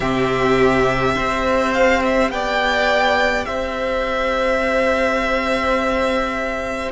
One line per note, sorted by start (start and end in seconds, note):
0.00 1.15 C3
0.00 1.16 C4
0.00 1.13 G4
0.00 1.73 E5
1.15 2.30 C4
1.15 6.91 G4
1.15 2.30 C5
1.73 2.02 F5
2.04 2.31 E5
2.30 3.45 B3
2.30 3.47 D5
2.30 3.45 G5
3.45 6.91 C4
3.45 6.91 C5
3.45 6.91 E5